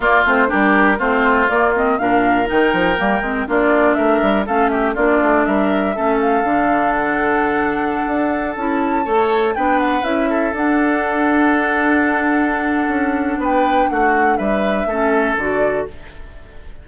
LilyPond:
<<
  \new Staff \with { instrumentName = "flute" } { \time 4/4 \tempo 4 = 121 d''8 c''8 ais'4 c''4 d''8 dis''8 | f''4 g''2 d''4 | e''4 f''8 e''8 d''4 e''4~ | e''8 f''4. fis''2~ |
fis''4~ fis''16 a''2 g''8 fis''16~ | fis''16 e''4 fis''2~ fis''8.~ | fis''2. g''4 | fis''4 e''2 d''4 | }
  \new Staff \with { instrumentName = "oboe" } { \time 4/4 f'4 g'4 f'2 | ais'2. f'4 | ais'4 a'8 g'8 f'4 ais'4 | a'1~ |
a'2~ a'16 cis''4 b'8.~ | b'8. a'2.~ a'16~ | a'2. b'4 | fis'4 b'4 a'2 | }
  \new Staff \with { instrumentName = "clarinet" } { \time 4/4 ais8 c'8 d'4 c'4 ais8 c'8 | d'4 dis'4 ais8 c'8 d'4~ | d'4 cis'4 d'2 | cis'4 d'2.~ |
d'4~ d'16 e'4 a'4 d'8.~ | d'16 e'4 d'2~ d'8.~ | d'1~ | d'2 cis'4 fis'4 | }
  \new Staff \with { instrumentName = "bassoon" } { \time 4/4 ais8 a8 g4 a4 ais4 | ais,4 dis8 f8 g8 gis8 ais4 | a8 g8 a4 ais8 a8 g4 | a4 d2.~ |
d16 d'4 cis'4 a4 b8.~ | b16 cis'4 d'2~ d'8.~ | d'2 cis'4 b4 | a4 g4 a4 d4 | }
>>